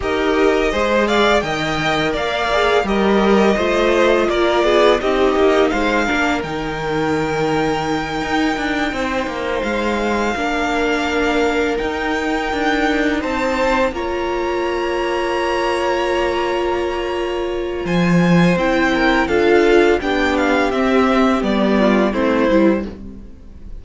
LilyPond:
<<
  \new Staff \with { instrumentName = "violin" } { \time 4/4 \tempo 4 = 84 dis''4. f''8 g''4 f''4 | dis''2 d''4 dis''4 | f''4 g''2.~ | g''4. f''2~ f''8~ |
f''8 g''2 a''4 ais''8~ | ais''1~ | ais''4 gis''4 g''4 f''4 | g''8 f''8 e''4 d''4 c''4 | }
  \new Staff \with { instrumentName = "violin" } { \time 4/4 ais'4 c''8 d''8 dis''4 d''4 | ais'4 c''4 ais'8 gis'8 g'4 | c''8 ais'2.~ ais'8~ | ais'8 c''2 ais'4.~ |
ais'2~ ais'8 c''4 cis''8~ | cis''1~ | cis''4 c''4. ais'8 a'4 | g'2~ g'8 f'8 e'4 | }
  \new Staff \with { instrumentName = "viola" } { \time 4/4 g'4 gis'4 ais'4. gis'8 | g'4 f'2 dis'4~ | dis'8 d'8 dis'2.~ | dis'2~ dis'8 d'4.~ |
d'8 dis'2. f'8~ | f'1~ | f'2 e'4 f'4 | d'4 c'4 b4 c'8 e'8 | }
  \new Staff \with { instrumentName = "cello" } { \time 4/4 dis'4 gis4 dis4 ais4 | g4 a4 ais8 b8 c'8 ais8 | gis8 ais8 dis2~ dis8 dis'8 | d'8 c'8 ais8 gis4 ais4.~ |
ais8 dis'4 d'4 c'4 ais8~ | ais1~ | ais4 f4 c'4 d'4 | b4 c'4 g4 a8 g8 | }
>>